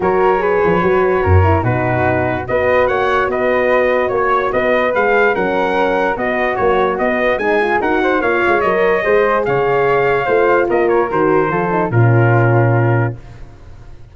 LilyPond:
<<
  \new Staff \with { instrumentName = "trumpet" } { \time 4/4 \tempo 4 = 146 cis''1 | b'2 dis''4 fis''4 | dis''2 cis''4 dis''4 | f''4 fis''2 dis''4 |
cis''4 dis''4 gis''4 fis''4 | f''4 dis''2 f''4~ | f''2 dis''8 cis''8 c''4~ | c''4 ais'2. | }
  \new Staff \with { instrumentName = "flute" } { \time 4/4 ais'4 b'2 ais'4 | fis'2 b'4 cis''4 | b'2 cis''4 b'4~ | b'4 ais'2 fis'4~ |
fis'2 gis'4 ais'8 c''8 | cis''2 c''4 cis''4~ | cis''4 c''4 ais'2 | a'4 f'2. | }
  \new Staff \with { instrumentName = "horn" } { \time 4/4 fis'4 gis'4 fis'4. e'8 | dis'2 fis'2~ | fis'1 | gis'4 cis'2 b4 |
fis4 b4 dis'8 f'8 fis'4 | f'4 ais'4 gis'2~ | gis'4 f'2 fis'4 | f'8 dis'8 cis'2. | }
  \new Staff \with { instrumentName = "tuba" } { \time 4/4 fis4. f8 fis4 fis,4 | b,2 b4 ais4 | b2 ais4 b4 | gis4 fis2 b4 |
ais4 b4 gis4 dis'4 | ais8 gis8 fis4 gis4 cis4~ | cis4 a4 ais4 dis4 | f4 ais,2. | }
>>